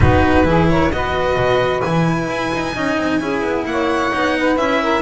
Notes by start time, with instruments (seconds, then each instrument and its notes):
0.00 double bass B3, cello D#4, saxophone F#4, violin B4
0.44 double bass E3, cello E4, saxophone G#4
0.69 saxophone A#4, violin C#5
0.92 double bass B3, cello F#4, saxophone B4, violin D#5
1.36 double bass B2
1.81 double bass E3, cello E4, violin G#5
2.28 double bass E4
2.53 double bass D#4
2.74 double bass C#4, cello D#4, saxophone D#5
2.97 double bass C4
3.20 double bass C#4, cello E4, saxophone G#4
3.42 double bass B3
3.65 double bass A#3, saxophone C#5, violin F#5
4.11 double bass B3, cello D#4
4.37 saxophone B4
4.56 double bass C#4, cello E4, violin E5
4.81 saxophone A#4